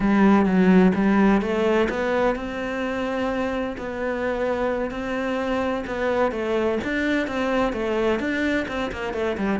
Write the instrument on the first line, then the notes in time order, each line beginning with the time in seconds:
cello
0.00 G3
0.45 F#3
0.94 G3
1.41 A3
1.89 B3
2.35 C4
3.77 B3
4.90 C4
5.86 B3
6.31 A3
6.84 D4
7.27 C4
7.72 A3
8.19 D4
8.67 C4
8.92 A#3
9.13 A3
9.37 G3